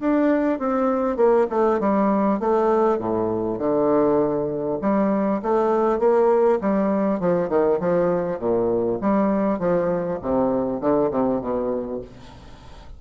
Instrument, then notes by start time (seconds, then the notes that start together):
bassoon
0.00 D4
0.59 C4
1.17 A#3
1.50 A3
1.80 G3
2.40 A3
2.99 A2
3.59 D3
4.82 G3
5.43 A3
5.99 A#3
6.61 G3
7.20 F3
7.49 D#3
7.80 F3
8.39 A#2
9.01 G3
9.59 F3
10.22 C3
10.81 D3
11.11 C3
11.41 B2